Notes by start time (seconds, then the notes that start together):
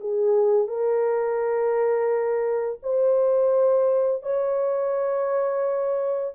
0.00 G#4
0.68 A#4
2.82 C5
4.23 C#5